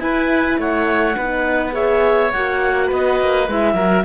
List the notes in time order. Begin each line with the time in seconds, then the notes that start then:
0.00 E4 B4 G#5
0.58 A3 C#5 F#5
1.17 B3 D#4 B4
1.72 G#4 C#5 E5
2.33 A#3 F#4 F#5
2.86 B3 B4 D#5
3.21 A#3
3.48 G#3 E4 E5
3.74 F#3 F#4 A#4